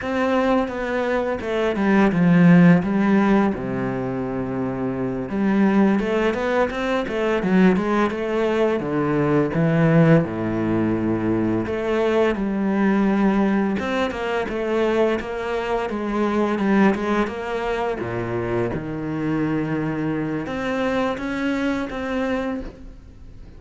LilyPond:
\new Staff \with { instrumentName = "cello" } { \time 4/4 \tempo 4 = 85 c'4 b4 a8 g8 f4 | g4 c2~ c8 g8~ | g8 a8 b8 c'8 a8 fis8 gis8 a8~ | a8 d4 e4 a,4.~ |
a,8 a4 g2 c'8 | ais8 a4 ais4 gis4 g8 | gis8 ais4 ais,4 dis4.~ | dis4 c'4 cis'4 c'4 | }